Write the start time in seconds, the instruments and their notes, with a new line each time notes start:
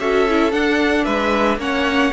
0.00 cello C#4, viola F#4, violin A4 E5
0.29 viola E4
0.52 viola D4, cello D4, violin F#5
1.04 cello G#3, violin B4 E5
1.57 cello A#3, viola C#4, violin C#5 F#5